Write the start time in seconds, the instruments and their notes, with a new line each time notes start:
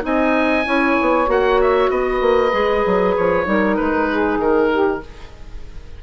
0.00 bassoon C4, clarinet D#4, saxophone D#5, oboe G#5
0.65 bassoon C#4, clarinet E4, saxophone C#5
1.01 bassoon B3
1.26 bassoon A#3, clarinet F#4, oboe F#5
1.61 oboe E5
1.90 bassoon B3, saxophone B4, oboe D#5
2.21 bassoon A#3
2.51 bassoon G#3, clarinet G#4
2.86 bassoon F#3
3.16 bassoon F3, oboe C#5
3.45 bassoon G3, clarinet D#4, saxophone A#4
3.76 bassoon G#3, oboe B4
4.10 saxophone G#4
4.38 bassoon D#3, oboe A#4
4.71 saxophone G4